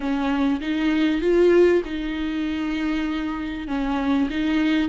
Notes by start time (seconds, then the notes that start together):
0.00 C#4
0.61 D#4
1.21 F4
1.85 D#4
3.67 C#4
4.30 D#4